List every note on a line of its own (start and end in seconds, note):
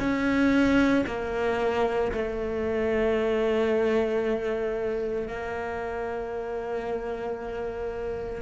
0.00 1.05 C#4
1.07 2.12 A#3
2.12 5.28 A3
5.28 8.42 A#3